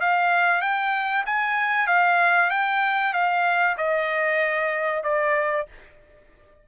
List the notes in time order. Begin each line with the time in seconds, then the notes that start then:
0.00 F5
0.61 G5
1.25 G#5
1.87 F5
2.50 G5
3.13 F5
3.77 D#5
5.03 D5